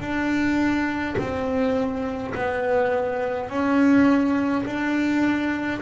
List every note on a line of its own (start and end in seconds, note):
0.00 1.15 D4
1.19 2.34 C4
2.35 3.50 B3
3.50 4.65 C#4
4.66 5.81 D4